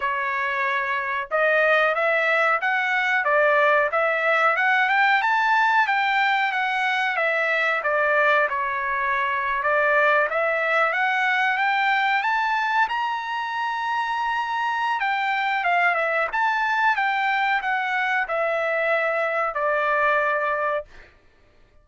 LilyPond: \new Staff \with { instrumentName = "trumpet" } { \time 4/4 \tempo 4 = 92 cis''2 dis''4 e''4 | fis''4 d''4 e''4 fis''8 g''8 | a''4 g''4 fis''4 e''4 | d''4 cis''4.~ cis''16 d''4 e''16~ |
e''8. fis''4 g''4 a''4 ais''16~ | ais''2. g''4 | f''8 e''8 a''4 g''4 fis''4 | e''2 d''2 | }